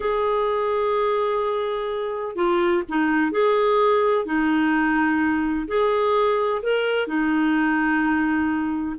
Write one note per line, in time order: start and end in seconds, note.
0.00 2.35 G#4
2.35 2.82 F4
2.88 3.31 D#4
3.31 4.25 G#4
4.25 5.67 D#4
5.67 6.61 G#4
6.62 7.07 A#4
7.07 8.96 D#4